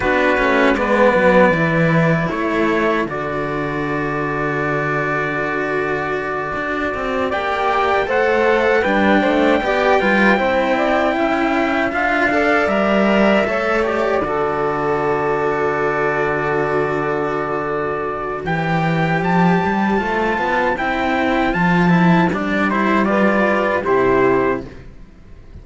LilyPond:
<<
  \new Staff \with { instrumentName = "trumpet" } { \time 4/4 \tempo 4 = 78 b'4 d''2 cis''4 | d''1~ | d''4. g''4 fis''4 g''8~ | g''2.~ g''8 f''8~ |
f''8 e''4. d''2~ | d''1 | g''4 a''2 g''4 | a''4 d''8 c''8 d''4 c''4 | }
  \new Staff \with { instrumentName = "saxophone" } { \time 4/4 fis'4 b'2 a'4~ | a'1~ | a'4. d''4 c''4 b'8 | c''8 d''8 b'8 c''8 d''8 e''4. |
d''4. cis''4 a'4.~ | a'1 | c''1~ | c''2 b'4 g'4 | }
  \new Staff \with { instrumentName = "cello" } { \time 4/4 d'8 cis'8 b4 e'2 | fis'1~ | fis'4. g'4 a'4 d'8~ | d'8 g'8 f'8 e'2 f'8 |
a'8 ais'4 a'8 g'8 fis'4.~ | fis'1 | g'2 f'4 e'4 | f'8 e'8 d'8 e'8 f'4 e'4 | }
  \new Staff \with { instrumentName = "cello" } { \time 4/4 b8 a8 gis8 fis8 e4 a4 | d1~ | d8 d'8 c'8 ais4 a4 g8 | a8 b8 g8 c'4 cis'4 d'8~ |
d'8 g4 a4 d4.~ | d1 | e4 f8 g8 a8 b8 c'4 | f4 g2 c4 | }
>>